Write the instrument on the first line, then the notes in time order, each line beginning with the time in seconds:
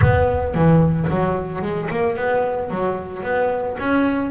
double bass
0.01 B3
0.54 E3
1.10 F#3
1.61 G#3
1.89 A#3
2.16 B3
2.70 F#3
3.23 B3
3.79 C#4